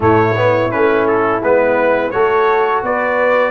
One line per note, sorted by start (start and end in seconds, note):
0.00 0.69 A2
0.00 0.35 A3
0.00 2.13 E4
0.00 0.71 C#5
0.36 0.70 B3
0.70 1.41 A3
0.70 1.41 C#4
0.70 1.06 B4
1.07 1.42 A4
1.41 2.12 G#3
1.41 2.12 B3
1.41 2.11 B4
2.11 2.82 A3
2.11 3.51 F#4
2.11 2.84 A4
2.11 2.81 C#5
2.82 3.51 B3
2.82 3.51 B4
2.82 3.51 D5